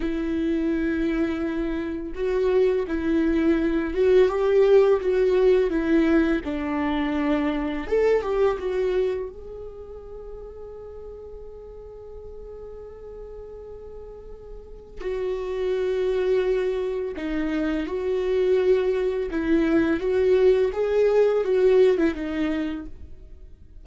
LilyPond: \new Staff \with { instrumentName = "viola" } { \time 4/4 \tempo 4 = 84 e'2. fis'4 | e'4. fis'8 g'4 fis'4 | e'4 d'2 a'8 g'8 | fis'4 gis'2.~ |
gis'1~ | gis'4 fis'2. | dis'4 fis'2 e'4 | fis'4 gis'4 fis'8. e'16 dis'4 | }